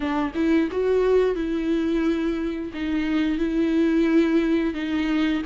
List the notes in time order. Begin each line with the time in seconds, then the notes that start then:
0.00 D4
0.34 E4
0.71 F#4
1.35 E4
2.73 D#4
3.38 E4
4.74 D#4